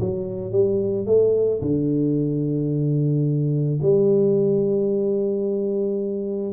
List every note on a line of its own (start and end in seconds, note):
0.00 0.52 F#3
0.52 1.06 G3
1.06 1.61 A3
1.61 3.79 D3
3.82 6.53 G3